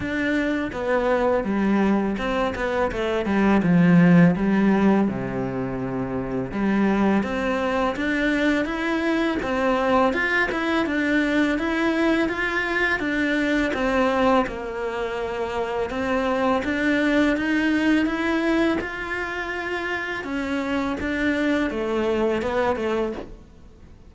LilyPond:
\new Staff \with { instrumentName = "cello" } { \time 4/4 \tempo 4 = 83 d'4 b4 g4 c'8 b8 | a8 g8 f4 g4 c4~ | c4 g4 c'4 d'4 | e'4 c'4 f'8 e'8 d'4 |
e'4 f'4 d'4 c'4 | ais2 c'4 d'4 | dis'4 e'4 f'2 | cis'4 d'4 a4 b8 a8 | }